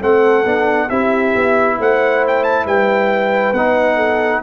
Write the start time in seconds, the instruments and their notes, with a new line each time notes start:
0.00 tuba A3, trombone C4, horn A4, trumpet F#5
0.45 tuba B3, trombone D4
0.90 tuba C4, trombone E4, horn G4, trumpet E5
1.35 tuba B3
1.79 tuba A3, horn C5, trumpet F#5
2.28 trumpet G5
2.44 trumpet A5
2.65 tuba G3, horn B4, trumpet G5
3.53 tuba B3, trombone D#4, trumpet F#5
3.96 horn A4